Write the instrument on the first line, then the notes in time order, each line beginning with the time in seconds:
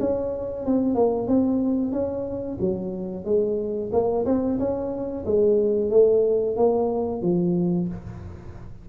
tuba
0.00 C#4
0.65 C4
0.95 A#3
1.27 C4
1.92 C#4
2.60 F#3
3.25 G#3
3.92 A#3
4.26 C4
4.59 C#4
5.26 G#3
5.90 A3
6.56 A#3
7.22 F3